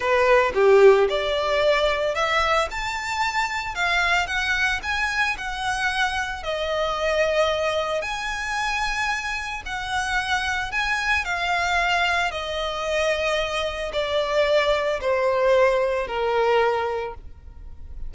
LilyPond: \new Staff \with { instrumentName = "violin" } { \time 4/4 \tempo 4 = 112 b'4 g'4 d''2 | e''4 a''2 f''4 | fis''4 gis''4 fis''2 | dis''2. gis''4~ |
gis''2 fis''2 | gis''4 f''2 dis''4~ | dis''2 d''2 | c''2 ais'2 | }